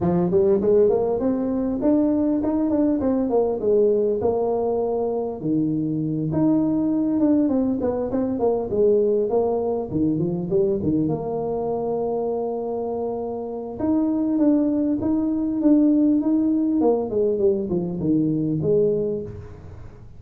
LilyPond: \new Staff \with { instrumentName = "tuba" } { \time 4/4 \tempo 4 = 100 f8 g8 gis8 ais8 c'4 d'4 | dis'8 d'8 c'8 ais8 gis4 ais4~ | ais4 dis4. dis'4. | d'8 c'8 b8 c'8 ais8 gis4 ais8~ |
ais8 dis8 f8 g8 dis8 ais4.~ | ais2. dis'4 | d'4 dis'4 d'4 dis'4 | ais8 gis8 g8 f8 dis4 gis4 | }